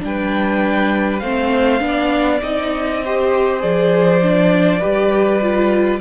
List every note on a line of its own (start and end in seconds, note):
0.00 1.22 G3
0.00 1.20 D4
0.00 1.20 G5
0.07 1.23 B4
1.20 1.81 A3
1.20 1.80 C4
1.20 1.83 C5
1.20 2.40 F5
1.80 2.41 B3
1.80 2.40 D4
1.88 3.05 D5
2.43 3.63 C4
2.43 3.02 D#4
2.43 3.62 D#5
3.05 3.60 G4
3.05 4.80 C5
3.60 4.83 F3
3.60 4.20 G#4
3.60 6.01 D5
4.22 4.81 D4
4.80 6.01 G3
4.80 5.41 G4
4.80 6.00 B4
5.42 6.01 F4